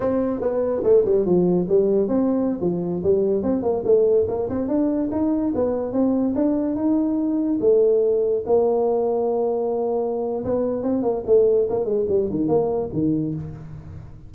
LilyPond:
\new Staff \with { instrumentName = "tuba" } { \time 4/4 \tempo 4 = 144 c'4 b4 a8 g8 f4 | g4 c'4~ c'16 f4 g8.~ | g16 c'8 ais8 a4 ais8 c'8 d'8.~ | d'16 dis'4 b4 c'4 d'8.~ |
d'16 dis'2 a4.~ a16~ | a16 ais2.~ ais8.~ | ais4 b4 c'8 ais8 a4 | ais8 gis8 g8 dis8 ais4 dis4 | }